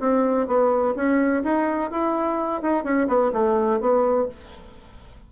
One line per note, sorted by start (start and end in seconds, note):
0.00 0.47 C4
0.47 0.95 B3
0.96 1.43 C#4
1.44 1.90 D#4
1.90 2.62 E4
2.62 2.84 D#4
2.84 3.08 C#4
3.08 3.32 B3
3.33 3.80 A3
3.80 4.28 B3